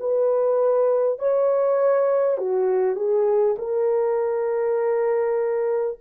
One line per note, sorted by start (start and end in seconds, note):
0.00 1.19 B4
1.19 2.37 C#5
2.37 2.96 F#4
2.96 3.56 G#4
3.58 5.98 A#4